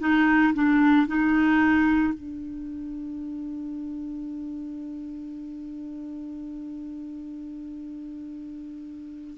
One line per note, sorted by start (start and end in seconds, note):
0.00 0.54 D#4
0.54 1.08 D4
1.08 2.14 D#4
2.14 9.37 D4